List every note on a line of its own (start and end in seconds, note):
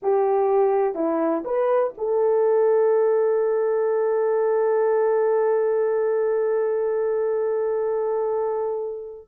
0.02 0.94 G4
0.94 1.43 E4
1.44 1.93 B4
1.97 9.28 A4